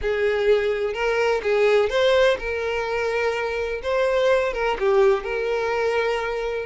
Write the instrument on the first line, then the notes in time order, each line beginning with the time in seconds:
violin
0.01 G#4
0.93 A#4
1.42 G#4
1.89 C5
2.38 A#4
3.82 C5
4.53 A#4
4.79 G4
5.23 A#4